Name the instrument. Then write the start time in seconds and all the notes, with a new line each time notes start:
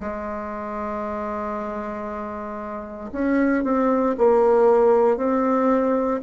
bassoon
0.00 G#3
3.12 C#4
3.64 C4
4.18 A#3
5.17 C4